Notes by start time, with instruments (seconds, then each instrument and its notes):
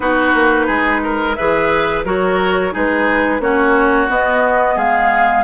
0.00 bassoon B3, clarinet D#4, oboe F#4, flute B4
0.34 bassoon A#3
0.66 bassoon G#3, oboe G#4
1.03 oboe A#4
1.35 bassoon E3, clarinet G#4, oboe B4, flute E5
2.04 bassoon F#3, clarinet F#4, oboe A#4, flute C#5
2.71 bassoon G#3, clarinet D#4, oboe G#4, flute B4
3.39 bassoon A#3, clarinet C#4, oboe F#4, flute C#5
4.08 clarinet B3, bassoon B3, flute D#5
4.75 bassoon G#3, oboe G#4, flute F5